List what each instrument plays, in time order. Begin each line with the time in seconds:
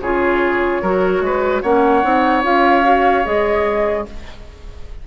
0.00 bassoon C#3, clarinet F4, oboe G#4, flute C#5
0.81 bassoon F#3, clarinet F#4, oboe A#4
1.20 bassoon G#3, oboe B4
1.61 bassoon A#3, clarinet C#4, oboe C#5, flute F#5
2.03 bassoon C4, clarinet D#4
2.43 bassoon C#4, clarinet F4, flute F5
2.83 clarinet F#4
3.24 bassoon G#3, clarinet G#4, flute D#5